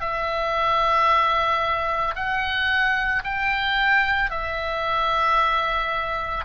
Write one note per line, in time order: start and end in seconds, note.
0.00 2.14 E5
2.15 3.22 F#5
3.24 4.30 G5
4.30 6.44 E5